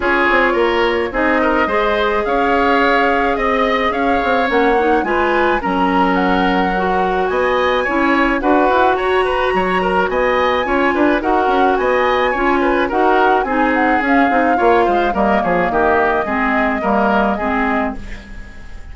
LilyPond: <<
  \new Staff \with { instrumentName = "flute" } { \time 4/4 \tempo 4 = 107 cis''2 dis''2 | f''2 dis''4 f''4 | fis''4 gis''4 ais''4 fis''4~ | fis''4 gis''2 fis''4 |
ais''2 gis''2 | fis''4 gis''2 fis''4 | gis''8 fis''8 f''2 dis''8 cis''8 | dis''1 | }
  \new Staff \with { instrumentName = "oboe" } { \time 4/4 gis'4 ais'4 gis'8 ais'8 c''4 | cis''2 dis''4 cis''4~ | cis''4 b'4 ais'2~ | ais'4 dis''4 cis''4 b'4 |
cis''8 b'8 cis''8 ais'8 dis''4 cis''8 b'8 | ais'4 dis''4 cis''8 b'8 ais'4 | gis'2 cis''8 c''8 ais'8 gis'8 | g'4 gis'4 ais'4 gis'4 | }
  \new Staff \with { instrumentName = "clarinet" } { \time 4/4 f'2 dis'4 gis'4~ | gis'1 | cis'8 dis'8 f'4 cis'2 | fis'2 e'4 fis'4~ |
fis'2. f'4 | fis'2 f'4 fis'4 | dis'4 cis'8 dis'8 f'4 ais4~ | ais4 c'4 ais4 c'4 | }
  \new Staff \with { instrumentName = "bassoon" } { \time 4/4 cis'8 c'8 ais4 c'4 gis4 | cis'2 c'4 cis'8 c'8 | ais4 gis4 fis2~ | fis4 b4 cis'4 d'8 e'8 |
fis'4 fis4 b4 cis'8 d'8 | dis'8 cis'8 b4 cis'4 dis'4 | c'4 cis'8 c'8 ais8 gis8 g8 f8 | dis4 gis4 g4 gis4 | }
>>